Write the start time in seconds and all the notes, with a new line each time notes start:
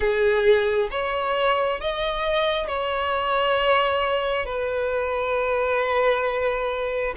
0.00 G#4
0.90 C#5
1.80 D#5
2.67 C#5
4.45 B4